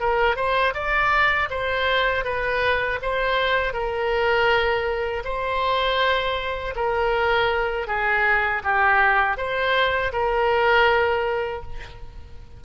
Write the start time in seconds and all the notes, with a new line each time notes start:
0.00 A#4
0.36 C5
0.74 D5
1.50 C5
2.24 B4
3.02 C5
3.73 A#4
5.24 C5
6.76 A#4
7.88 G#4
8.64 G4
9.37 C5
10.12 A#4